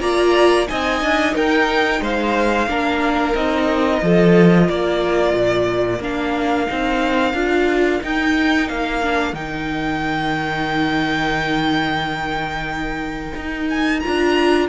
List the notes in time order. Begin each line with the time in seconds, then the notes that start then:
0.00 A#3 F4 D5 A#5
0.67 C4 D#4 D#5 G#5
1.02 D4
1.34 D#4 A#4 G5
2.00 G#3 C5 F5
2.67 A#3 D4 A#4
3.34 C4 D#4 D#5
4.02 F3 F4 A4
4.68 A#3 A#4 D5
5.33 A#2
6.00 A#3 D4 F5
6.67 C4 D#4
7.33 D4 F4
8.01 D#4 G5
8.68 A#3 F5
9.02 D4
9.32 D#3 D#4 G5
13.35 D#4
13.69 G#5
13.99 F4 A#5
14.06 D4